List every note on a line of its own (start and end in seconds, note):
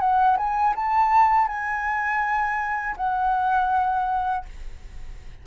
0.00 0.37 F#5
0.37 0.74 G#5
0.76 1.47 A5
1.47 2.96 G#5
2.97 4.45 F#5